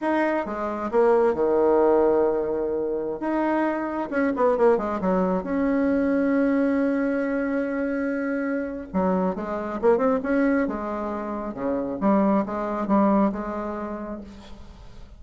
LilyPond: \new Staff \with { instrumentName = "bassoon" } { \time 4/4 \tempo 4 = 135 dis'4 gis4 ais4 dis4~ | dis2.~ dis16 dis'8.~ | dis'4~ dis'16 cis'8 b8 ais8 gis8 fis8.~ | fis16 cis'2.~ cis'8.~ |
cis'1 | fis4 gis4 ais8 c'8 cis'4 | gis2 cis4 g4 | gis4 g4 gis2 | }